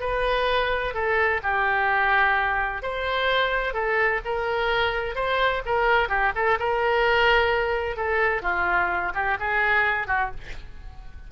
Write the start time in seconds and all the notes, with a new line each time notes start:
0.00 B4
0.94 A4
1.43 G4
2.82 C5
3.74 A4
4.25 A#4
5.15 C5
5.66 A#4
6.09 G4
6.35 A4
6.59 A#4
7.96 A4
8.42 F4
9.14 G4
9.39 G#4
10.07 F#4